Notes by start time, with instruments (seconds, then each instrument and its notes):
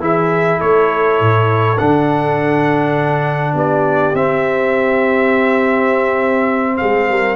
0.00 tuba E3, trombone E4, horn G#4, trumpet E5
0.59 tuba A3, horn A4, trumpet C#5
1.21 tuba A2
1.78 tuba D3, trombone D4, trumpet F#5
3.54 tuba B3, horn G4, trumpet D5
4.14 tuba C4, trombone C4, trumpet E5
6.77 tuba G#3, horn G#4, trumpet F5
7.09 tuba G3, horn A#4